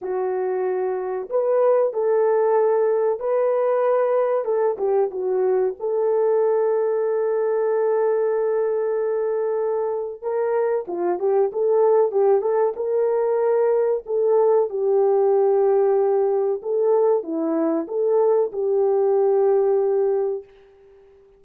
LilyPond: \new Staff \with { instrumentName = "horn" } { \time 4/4 \tempo 4 = 94 fis'2 b'4 a'4~ | a'4 b'2 a'8 g'8 | fis'4 a'2.~ | a'1 |
ais'4 f'8 g'8 a'4 g'8 a'8 | ais'2 a'4 g'4~ | g'2 a'4 e'4 | a'4 g'2. | }